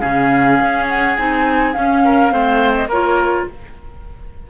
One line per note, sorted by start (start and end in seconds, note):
0.00 0.60 C#3
0.00 1.16 C#4
0.00 2.02 G#4
0.00 0.87 F5
0.60 1.18 C#4
0.88 1.17 F#5
1.17 1.76 C4
1.17 1.74 D#4
1.17 1.73 G#5
1.73 2.30 C#4
1.73 2.32 C#4
1.73 2.74 F5
2.04 2.33 A#4
2.30 2.86 A3
2.30 2.88 C4
2.30 2.89 C5
2.74 2.89 D#5
2.86 3.43 A#3
2.86 3.46 A#4
2.86 3.48 C#5
2.92 3.50 F4